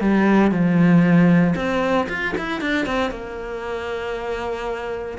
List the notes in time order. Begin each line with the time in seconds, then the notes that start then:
0.00 G3
0.51 F3
1.55 C4
2.09 F4
2.37 E4
2.60 D4
2.85 C4
3.11 A#3